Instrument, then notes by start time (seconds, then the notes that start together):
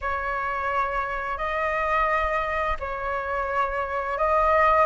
flute
0.01 C#5
1.37 D#5
2.79 C#5
4.17 D#5